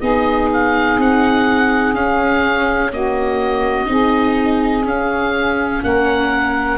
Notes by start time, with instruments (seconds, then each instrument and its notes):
0.00 tuba B3, viola D#4, saxophone G#4, oboe D#5
0.53 oboe F5
0.98 tuba C4, oboe F#5
1.95 tuba C#4, viola C#4, oboe F5
2.91 viola A#3, saxophone F#4, oboe D#5
3.86 tuba C4, viola D#4, saxophone G#4
4.85 viola C#4, tuba C#4, oboe F5
5.84 tuba A#3, saxophone A#4, oboe F#5